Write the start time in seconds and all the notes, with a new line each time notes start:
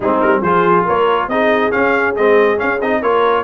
0.00 G#3 C4 D#4 G#4
0.20 G3 A#4
0.41 F3 F4 G#4 C5
0.85 A#3 A#4 C#5
1.28 C4 D#4 G#4 D#5
1.71 C#4 F5
2.15 G#3 C4 D#5
2.57 C#4 F5
2.81 C4 D#4 D#5
3.02 A#3 F4 A#4 C#5